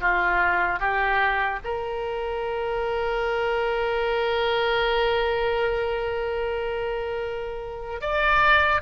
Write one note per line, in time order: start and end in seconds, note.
0.00 0.79 F4
0.79 1.59 G4
1.64 8.01 A#4
8.01 8.81 D5